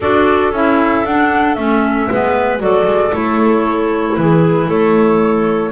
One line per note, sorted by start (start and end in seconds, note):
0.00 0.51 D4
0.00 0.53 F#4
0.00 2.08 A4
0.00 0.53 D5
0.51 1.03 C#4
0.51 1.06 E4
0.51 1.05 E5
1.04 1.56 D4
1.04 1.57 D4
1.04 1.54 F#5
1.54 2.08 A3
1.54 2.09 C#4
1.54 2.58 E5
2.10 2.60 G#3
2.10 2.58 B3
2.10 2.61 B4
2.58 2.86 F#3
2.58 3.10 F#4
2.58 4.18 A4
2.58 3.13 D5
2.86 3.12 G#3
3.12 4.17 A3
3.12 5.71 E4
3.12 4.15 C#5
4.15 4.68 E3
4.15 4.66 G#4
4.15 4.68 B4
4.66 5.71 A3
4.66 5.71 A4
4.66 5.71 C#5